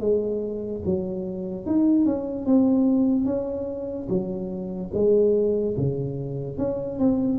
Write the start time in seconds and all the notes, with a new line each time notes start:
0.00 G#3
0.85 F#3
1.66 D#4
2.05 C#4
2.46 C4
3.26 C#4
4.09 F#3
4.94 G#3
5.77 C#3
6.58 C#4
6.99 C4